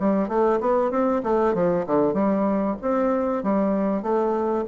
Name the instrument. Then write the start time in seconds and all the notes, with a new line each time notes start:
bassoon
0.00 G3
0.29 A3
0.61 B3
0.91 C4
1.24 A3
1.54 F3
1.87 D3
2.14 G3
2.82 C4
3.44 G3
4.03 A3